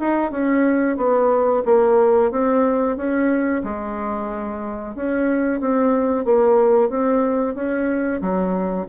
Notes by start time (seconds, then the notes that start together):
0.00 D#4
0.31 C#4
0.97 B3
1.65 A#3
2.32 C4
2.97 C#4
3.64 G#3
4.95 C#4
5.61 C4
6.25 A#3
6.90 C4
7.55 C#4
8.21 F#3